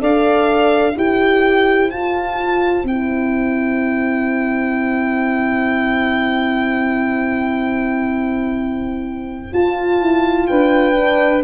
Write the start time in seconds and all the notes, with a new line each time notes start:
0.00 D4 A4 D5 F5
0.92 E4 G4 C5 G5
1.90 F4 A5
2.84 C4 G5
2.90 E4
9.53 F4 A5
10.01 E4
10.47 D4 B4 G5
10.94 D4